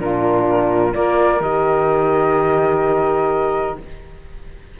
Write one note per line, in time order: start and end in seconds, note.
0.00 0.95 A#2
0.00 0.94 D4
0.00 0.96 F4
0.00 0.94 A#4
0.94 1.41 A#3
0.94 1.41 F4
0.94 3.80 A#4
0.94 1.42 D5
1.41 3.77 D#3
1.41 3.78 G4
1.41 3.78 D#5